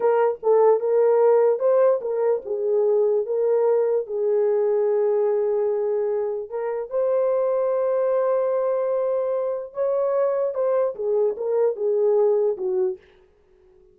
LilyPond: \new Staff \with { instrumentName = "horn" } { \time 4/4 \tempo 4 = 148 ais'4 a'4 ais'2 | c''4 ais'4 gis'2 | ais'2 gis'2~ | gis'1 |
ais'4 c''2.~ | c''1 | cis''2 c''4 gis'4 | ais'4 gis'2 fis'4 | }